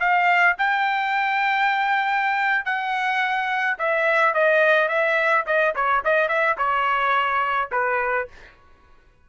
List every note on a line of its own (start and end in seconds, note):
0.00 0.56 F5
0.58 2.65 G5
2.65 3.77 F#5
3.78 4.34 E5
4.34 4.88 D#5
4.88 5.44 E5
5.46 5.74 D#5
5.75 6.03 C#5
6.04 6.28 D#5
6.28 6.56 E5
6.58 7.70 C#5
7.72 8.28 B4